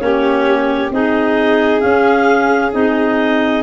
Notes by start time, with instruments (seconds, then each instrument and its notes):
0.00 tuba A#3, clarinet C#4 C#5, violin G4
0.91 tuba C4, clarinet D#4 D#5, violin G#4
1.80 clarinet C#4 F5, tuba C#4
2.73 tuba C4, clarinet D#4 D#5